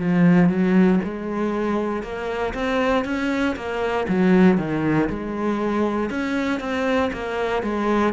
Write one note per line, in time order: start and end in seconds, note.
0.00 0.49 F3
0.49 1.00 F#3
1.04 2.03 G#3
2.03 2.54 A#3
2.54 3.05 C4
3.05 3.56 C#4
3.56 4.07 A#3
4.09 4.58 F#3
4.58 5.09 D#3
5.09 6.10 G#3
6.10 6.61 C#4
6.61 7.11 C4
7.13 7.63 A#3
7.63 8.14 G#3